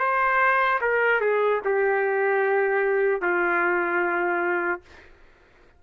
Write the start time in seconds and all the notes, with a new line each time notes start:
0.00 C5
0.81 A#4
1.21 G#4
1.65 G4
3.22 F4